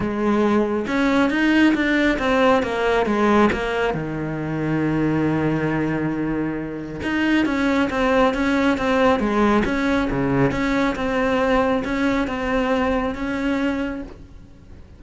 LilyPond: \new Staff \with { instrumentName = "cello" } { \time 4/4 \tempo 4 = 137 gis2 cis'4 dis'4 | d'4 c'4 ais4 gis4 | ais4 dis2.~ | dis1 |
dis'4 cis'4 c'4 cis'4 | c'4 gis4 cis'4 cis4 | cis'4 c'2 cis'4 | c'2 cis'2 | }